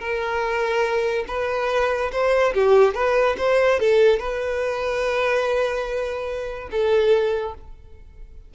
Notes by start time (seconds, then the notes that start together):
0.00 A#4
1.28 B4
2.12 C5
2.54 G4
2.95 B4
3.38 C5
3.80 A4
4.19 B4
6.71 A4